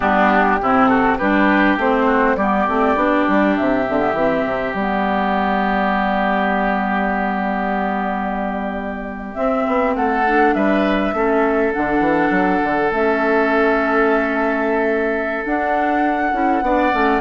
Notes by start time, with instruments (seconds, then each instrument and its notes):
0.00 bassoon G3, clarinet B3, oboe D4, flute G4
0.61 bassoon C3, clarinet C4, oboe E4
0.87 oboe F#4, flute A4
1.17 bassoon G3, clarinet D4, oboe G4, flute B4
1.76 bassoon A3, clarinet C4, flute C5
2.06 oboe F#4
2.36 bassoon G3, clarinet B3, oboe G4, flute D5
2.68 bassoon A3, clarinet C4
2.95 bassoon B3, clarinet D4
3.28 bassoon G3
3.56 bassoon C3, flute E5
3.87 bassoon D3, clarinet C4
3.98 clarinet B3
4.13 bassoon E3, clarinet C4
4.45 bassoon C3
4.74 bassoon G3, clarinet B3, flute D5
9.34 clarinet C4, bassoon C4, flute E5
9.66 bassoon B3
9.95 bassoon A3, oboe A4, flute F#5
10.26 clarinet D4
10.54 bassoon G3, oboe B4, flute E5
11.13 bassoon A3, clarinet C#4, oboe A4
11.73 bassoon D3, clarinet D4, flute F#5
11.99 bassoon E3
12.30 bassoon F#3
12.63 bassoon D3
12.91 bassoon A3, clarinet C#4, flute E5
15.44 clarinet D4, bassoon D4, flute F#5
16.32 bassoon C#4, clarinet E4
16.61 bassoon B3, clarinet D4, oboe D5
16.91 bassoon A3, clarinet C#4